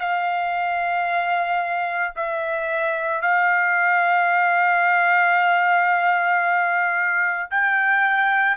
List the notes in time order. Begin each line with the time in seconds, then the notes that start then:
0.00 F5
2.16 E5
3.22 F5
7.51 G5